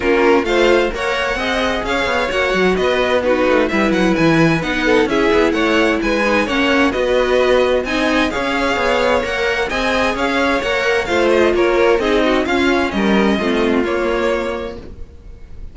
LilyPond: <<
  \new Staff \with { instrumentName = "violin" } { \time 4/4 \tempo 4 = 130 ais'4 f''4 fis''2 | f''4 fis''4 dis''4 b'4 | e''8 fis''8 gis''4 fis''4 e''4 | fis''4 gis''4 fis''4 dis''4~ |
dis''4 gis''4 f''2 | fis''4 gis''4 f''4 fis''4 | f''8 dis''8 cis''4 dis''4 f''4 | dis''2 cis''2 | }
  \new Staff \with { instrumentName = "violin" } { \time 4/4 f'4 c''4 cis''4 dis''4 | cis''2 b'4 fis'4 | b'2~ b'8 a'8 gis'4 | cis''4 b'4 cis''4 b'4~ |
b'4 dis''4 cis''2~ | cis''4 dis''4 cis''2 | c''4 ais'4 gis'8 fis'8 f'4 | ais'4 f'2. | }
  \new Staff \with { instrumentName = "viola" } { \time 4/4 cis'4 f'4 ais'4 gis'4~ | gis'4 fis'2 dis'4 | e'2 dis'4 e'4~ | e'4. dis'8 cis'4 fis'4~ |
fis'4 dis'4 gis'2 | ais'4 gis'2 ais'4 | f'2 dis'4 cis'4~ | cis'4 c'4 ais2 | }
  \new Staff \with { instrumentName = "cello" } { \time 4/4 ais4 a4 ais4 c'4 | cis'8 b8 ais8 fis8 b4. a8 | g8 fis8 e4 b4 cis'8 b8 | a4 gis4 ais4 b4~ |
b4 c'4 cis'4 b4 | ais4 c'4 cis'4 ais4 | a4 ais4 c'4 cis'4 | g4 a4 ais2 | }
>>